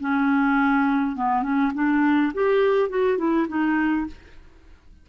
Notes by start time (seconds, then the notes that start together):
0.00 C#4
1.16 B3
1.42 C#4
1.74 D4
2.34 G4
2.89 F#4
3.17 E4
3.48 D#4